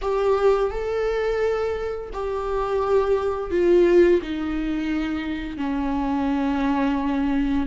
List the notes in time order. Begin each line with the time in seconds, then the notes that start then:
0.01 G4
0.70 A4
2.13 G4
3.50 F4
4.22 D#4
5.57 C#4